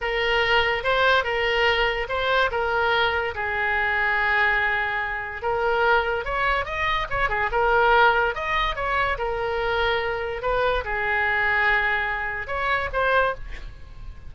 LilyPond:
\new Staff \with { instrumentName = "oboe" } { \time 4/4 \tempo 4 = 144 ais'2 c''4 ais'4~ | ais'4 c''4 ais'2 | gis'1~ | gis'4 ais'2 cis''4 |
dis''4 cis''8 gis'8 ais'2 | dis''4 cis''4 ais'2~ | ais'4 b'4 gis'2~ | gis'2 cis''4 c''4 | }